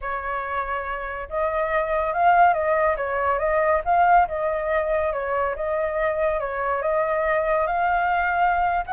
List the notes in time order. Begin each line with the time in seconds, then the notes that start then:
0.01 C#5
1.29 D#5
2.13 F5
2.53 D#5
2.97 C#5
3.38 D#5
3.85 F5
4.28 D#5
5.12 C#5
5.55 D#5
6.39 C#5
6.82 D#5
7.66 F5
8.86 F#5